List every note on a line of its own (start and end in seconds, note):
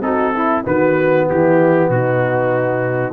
0.00 0.62 C4
0.00 0.33 D#4
0.00 0.34 F#4
0.00 0.64 A4
0.34 0.65 E4
0.34 0.64 E4
0.64 1.28 D#3
0.64 3.13 B3
0.64 1.27 F#4
0.64 1.29 B4
1.28 1.89 E3
1.28 1.90 E4
1.28 1.90 G4
1.89 3.13 B2
1.89 3.13 D#4
1.89 3.13 F#4